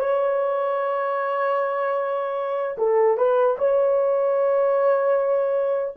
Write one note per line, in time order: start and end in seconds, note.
0.00 2.76 C#5
2.78 3.17 A4
3.17 3.57 B4
3.58 5.95 C#5